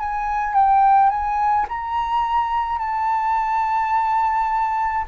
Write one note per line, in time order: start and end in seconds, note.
0.00 0.54 G#5
0.54 1.10 G5
1.10 1.66 G#5
1.69 2.79 A#5
2.79 5.05 A5